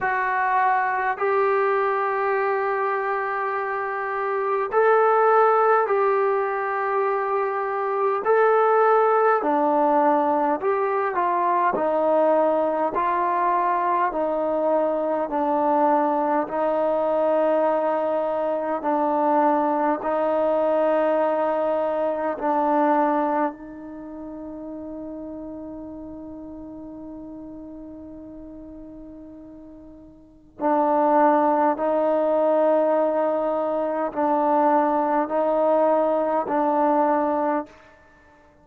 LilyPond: \new Staff \with { instrumentName = "trombone" } { \time 4/4 \tempo 4 = 51 fis'4 g'2. | a'4 g'2 a'4 | d'4 g'8 f'8 dis'4 f'4 | dis'4 d'4 dis'2 |
d'4 dis'2 d'4 | dis'1~ | dis'2 d'4 dis'4~ | dis'4 d'4 dis'4 d'4 | }